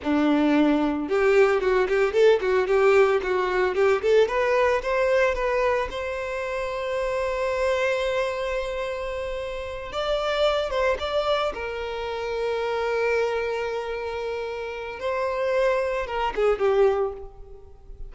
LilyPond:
\new Staff \with { instrumentName = "violin" } { \time 4/4 \tempo 4 = 112 d'2 g'4 fis'8 g'8 | a'8 fis'8 g'4 fis'4 g'8 a'8 | b'4 c''4 b'4 c''4~ | c''1~ |
c''2~ c''8 d''4. | c''8 d''4 ais'2~ ais'8~ | ais'1 | c''2 ais'8 gis'8 g'4 | }